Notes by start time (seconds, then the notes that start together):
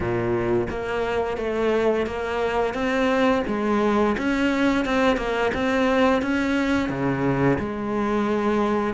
0.00 A#2
0.70 A#3
1.37 A3
2.06 A#3
2.73 C4
3.47 G#3
4.17 C#4
4.85 C4
5.17 A#3
5.53 C4
6.22 C#4
6.89 C#3
7.58 G#3